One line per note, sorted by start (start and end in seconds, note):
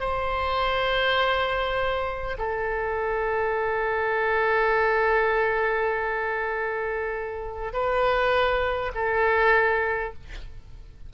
0.00 2.38 C5
2.39 7.73 A4
7.73 8.92 B4
8.95 10.14 A4